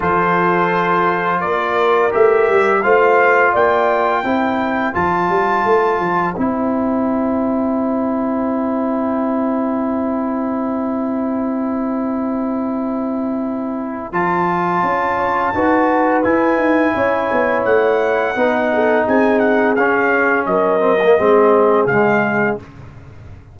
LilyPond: <<
  \new Staff \with { instrumentName = "trumpet" } { \time 4/4 \tempo 4 = 85 c''2 d''4 e''4 | f''4 g''2 a''4~ | a''4 g''2.~ | g''1~ |
g''1 | a''2. gis''4~ | gis''4 fis''2 gis''8 fis''8 | f''4 dis''2 f''4 | }
  \new Staff \with { instrumentName = "horn" } { \time 4/4 a'2 ais'2 | c''4 d''4 c''2~ | c''1~ | c''1~ |
c''1~ | c''4. cis''8 b'2 | cis''2 b'8 a'8 gis'4~ | gis'4 ais'4 gis'2 | }
  \new Staff \with { instrumentName = "trombone" } { \time 4/4 f'2. g'4 | f'2 e'4 f'4~ | f'4 e'2.~ | e'1~ |
e'1 | f'2 fis'4 e'4~ | e'2 dis'2 | cis'4. c'16 ais16 c'4 gis4 | }
  \new Staff \with { instrumentName = "tuba" } { \time 4/4 f2 ais4 a8 g8 | a4 ais4 c'4 f8 g8 | a8 f8 c'2.~ | c'1~ |
c'1 | f4 cis'4 dis'4 e'8 dis'8 | cis'8 b8 a4 b4 c'4 | cis'4 fis4 gis4 cis4 | }
>>